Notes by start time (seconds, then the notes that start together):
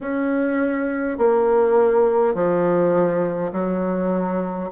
0.00 C#4
1.18 A#3
2.34 F3
3.52 F#3